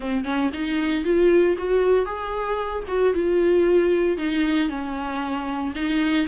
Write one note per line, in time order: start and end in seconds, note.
0.00 0.24 C4
0.24 0.50 C#4
0.53 1.04 D#4
1.04 1.56 F4
1.58 2.05 F#4
2.05 2.83 G#4
2.87 3.14 F#4
3.14 4.17 F4
4.17 4.69 D#4
4.69 5.73 C#4
5.75 6.27 D#4